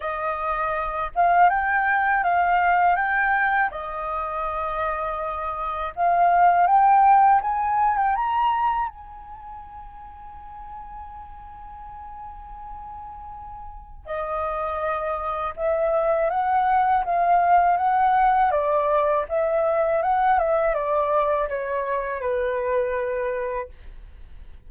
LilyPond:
\new Staff \with { instrumentName = "flute" } { \time 4/4 \tempo 4 = 81 dis''4. f''8 g''4 f''4 | g''4 dis''2. | f''4 g''4 gis''8. g''16 ais''4 | gis''1~ |
gis''2. dis''4~ | dis''4 e''4 fis''4 f''4 | fis''4 d''4 e''4 fis''8 e''8 | d''4 cis''4 b'2 | }